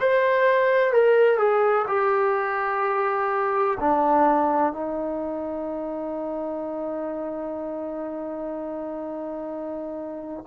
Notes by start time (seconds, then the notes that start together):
0.00 C5
0.93 A#4
1.38 G#4
1.87 G4
3.80 D4
4.73 D#4